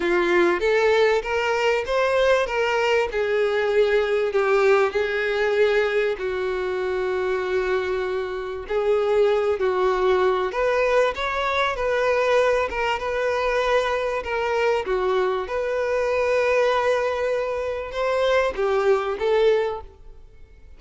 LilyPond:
\new Staff \with { instrumentName = "violin" } { \time 4/4 \tempo 4 = 97 f'4 a'4 ais'4 c''4 | ais'4 gis'2 g'4 | gis'2 fis'2~ | fis'2 gis'4. fis'8~ |
fis'4 b'4 cis''4 b'4~ | b'8 ais'8 b'2 ais'4 | fis'4 b'2.~ | b'4 c''4 g'4 a'4 | }